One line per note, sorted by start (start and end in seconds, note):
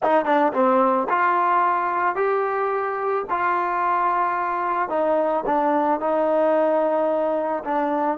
0.03 0.25 D#4
0.25 0.52 D4
0.53 1.07 C4
1.09 2.15 F4
2.15 3.24 G4
3.30 4.89 F4
4.89 5.43 D#4
5.46 6.00 D4
6.00 7.63 D#4
7.64 8.17 D4